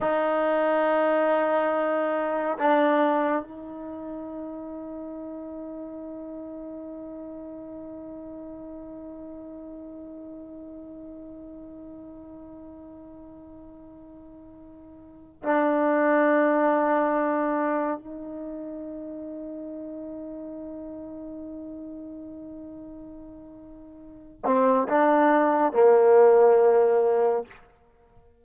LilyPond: \new Staff \with { instrumentName = "trombone" } { \time 4/4 \tempo 4 = 70 dis'2. d'4 | dis'1~ | dis'1~ | dis'1~ |
dis'2 d'2~ | d'4 dis'2.~ | dis'1~ | dis'8 c'8 d'4 ais2 | }